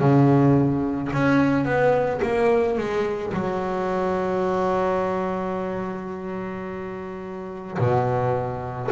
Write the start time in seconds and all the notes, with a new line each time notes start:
0.00 C#3
1.13 C#4
1.65 B3
2.23 A#3
2.78 G#3
3.34 F#3
7.79 B2